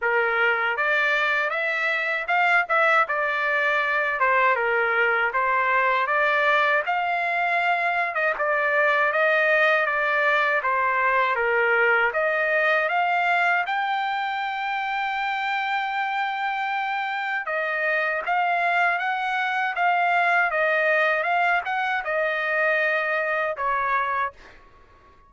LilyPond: \new Staff \with { instrumentName = "trumpet" } { \time 4/4 \tempo 4 = 79 ais'4 d''4 e''4 f''8 e''8 | d''4. c''8 ais'4 c''4 | d''4 f''4.~ f''16 dis''16 d''4 | dis''4 d''4 c''4 ais'4 |
dis''4 f''4 g''2~ | g''2. dis''4 | f''4 fis''4 f''4 dis''4 | f''8 fis''8 dis''2 cis''4 | }